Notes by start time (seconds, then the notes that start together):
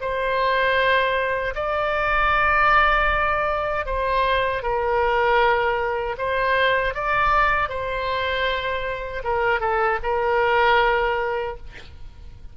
0.00 C5
1.55 D5
3.85 C5
4.62 A#4
6.17 C5
6.94 D5
7.69 C5
9.23 A#4
9.60 A4
10.03 A#4